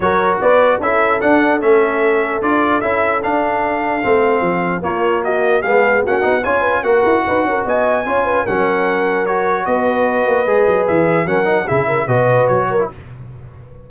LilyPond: <<
  \new Staff \with { instrumentName = "trumpet" } { \time 4/4 \tempo 4 = 149 cis''4 d''4 e''4 fis''4 | e''2 d''4 e''4 | f''1 | cis''4 dis''4 f''4 fis''4 |
gis''4 fis''2 gis''4~ | gis''4 fis''2 cis''4 | dis''2. e''4 | fis''4 e''4 dis''4 cis''4 | }
  \new Staff \with { instrumentName = "horn" } { \time 4/4 ais'4 b'4 a'2~ | a'1~ | a'1 | f'4 fis'4 gis'4 fis'4 |
cis''8 b'8 ais'4 b'8 ais'8 dis''4 | cis''8 b'8 ais'2. | b'1 | ais'4 gis'8 ais'8 b'4. ais'8 | }
  \new Staff \with { instrumentName = "trombone" } { \time 4/4 fis'2 e'4 d'4 | cis'2 f'4 e'4 | d'2 c'2 | ais2 b4 cis'8 dis'8 |
f'4 fis'2. | f'4 cis'2 fis'4~ | fis'2 gis'2 | cis'8 dis'8 e'4 fis'4.~ fis'16 e'16 | }
  \new Staff \with { instrumentName = "tuba" } { \time 4/4 fis4 b4 cis'4 d'4 | a2 d'4 cis'4 | d'2 a4 f4 | ais2 gis4 ais8 b8 |
cis'4 ais8 e'8 dis'8 cis'8 b4 | cis'4 fis2. | b4. ais8 gis8 fis8 e4 | fis4 cis4 b,4 fis4 | }
>>